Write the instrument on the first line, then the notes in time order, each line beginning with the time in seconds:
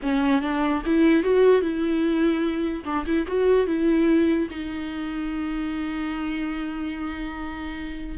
viola
0.02 C#4
0.41 D4
0.85 E4
1.23 F#4
1.61 E4
2.84 D4
3.06 E4
3.27 F#4
3.66 E4
4.50 D#4